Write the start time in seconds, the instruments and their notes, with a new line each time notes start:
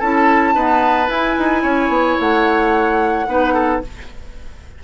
0.00 bassoon C#4, clarinet E4, oboe A4, flute A5
0.55 clarinet B3, bassoon D#4, oboe B4
1.09 clarinet E4, bassoon E4, flute G#5
1.39 bassoon D#4
1.63 bassoon C#4, oboe C#5
1.89 bassoon B3
2.20 bassoon A3, flute F#5
3.27 bassoon B3, clarinet D#4, oboe B4
3.54 oboe A4